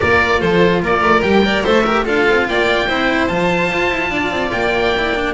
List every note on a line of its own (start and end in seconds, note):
0.00 0.42 A#3
0.00 1.22 F4
0.00 0.40 A#4
0.00 0.40 D5
0.40 0.82 F3
0.40 0.81 A4
0.40 0.82 C5
0.82 1.01 A#3
0.82 1.45 A#4
0.82 1.21 D5
1.01 1.21 A3
1.21 1.63 G3
1.21 1.42 G4
1.21 1.63 G5
1.44 1.64 A#4
1.44 1.63 D5
1.63 2.07 A3
1.63 1.85 A4
1.63 1.83 C5
1.63 2.05 E5
1.83 2.05 G4
1.83 2.04 A#4
2.05 2.27 D4
2.05 2.87 F4
2.05 2.46 A4
2.05 2.48 F5
2.29 2.47 C4
2.47 2.88 A#3
2.47 2.86 D5
2.47 3.27 G5
2.86 3.29 C4
2.86 3.29 E4
2.86 4.10 C5
3.27 3.71 F3
3.27 4.93 F4
3.27 4.50 A5
3.72 3.90 F4
3.90 4.10 E4
4.10 4.30 D4
4.10 5.34 D5
4.30 4.51 C4
4.51 5.34 A#3
4.51 5.34 G5
4.97 5.15 E4
5.15 5.34 D4